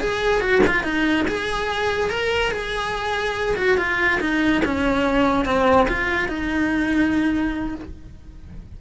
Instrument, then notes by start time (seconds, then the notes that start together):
cello
0.00 G#4
0.41 F#4
0.67 F4
0.84 D#4
1.28 G#4
2.10 A#4
2.51 G#4
3.56 F#4
3.78 F4
4.20 D#4
4.65 C#4
5.45 C4
5.88 F4
6.28 D#4